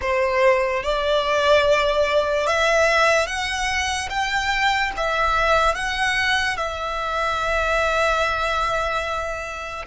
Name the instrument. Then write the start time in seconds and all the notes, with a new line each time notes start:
violin
0.01 C5
0.83 D5
2.47 E5
3.27 F#5
4.09 G5
4.97 E5
5.74 F#5
6.56 E5